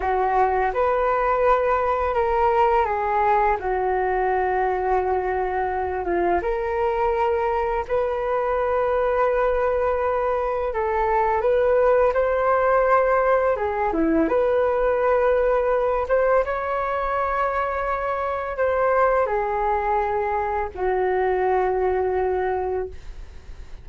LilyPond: \new Staff \with { instrumentName = "flute" } { \time 4/4 \tempo 4 = 84 fis'4 b'2 ais'4 | gis'4 fis'2.~ | fis'8 f'8 ais'2 b'4~ | b'2. a'4 |
b'4 c''2 gis'8 e'8 | b'2~ b'8 c''8 cis''4~ | cis''2 c''4 gis'4~ | gis'4 fis'2. | }